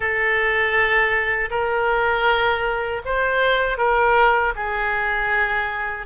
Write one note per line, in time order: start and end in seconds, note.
0.00 1.49 A4
1.50 3.02 A#4
3.05 3.77 C5
3.77 4.53 A#4
4.55 6.06 G#4